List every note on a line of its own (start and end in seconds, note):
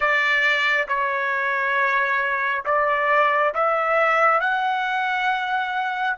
0.00 0.86 D5
0.88 2.64 C#5
2.65 3.53 D5
3.54 4.40 E5
4.40 6.16 F#5